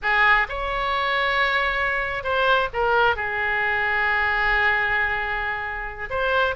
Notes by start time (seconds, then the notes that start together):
0.02 G#4
0.48 C#5
2.23 C5
2.73 A#4
3.16 G#4
6.09 C5